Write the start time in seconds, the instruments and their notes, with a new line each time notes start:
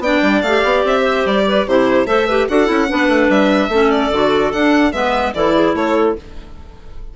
0.00 bassoon B3, clarinet D4 D5, violin G5
0.23 bassoon G3
0.42 bassoon A3, clarinet G4, violin F5
0.65 bassoon B3
0.85 bassoon C4, violin E5
1.02 clarinet C5
1.26 bassoon G3, violin D5
1.48 clarinet B4
1.68 bassoon C3, clarinet E4 G4, violin C5
2.07 bassoon A3, clarinet A4 C5, violin E5
2.28 clarinet G4 B4
2.49 bassoon D4, clarinet F#4 A4, violin F#5
2.67 bassoon C#4, clarinet E4
2.89 bassoon B3, clarinet D4 B4
3.09 bassoon A3
3.30 bassoon G3, violin E5
3.69 bassoon A3, clarinet C#4 A4
3.91 violin D5
4.13 bassoon D3, clarinet F#4
4.53 bassoon D4, clarinet D4, violin F#5
4.93 bassoon G#3, clarinet B3 B4, violin E5
5.35 bassoon E3, clarinet E4 A4, violin D5
5.55 clarinet G#4
5.75 bassoon A3, clarinet A4, violin C#5